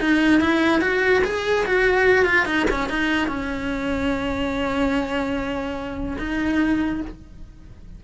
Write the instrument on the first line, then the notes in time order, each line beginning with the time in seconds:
cello
0.00 D#4
0.41 E4
0.81 F#4
1.24 G#4
1.66 F#4
2.26 F4
2.46 D#4
2.70 C#4
2.89 D#4
3.28 C#4
6.19 D#4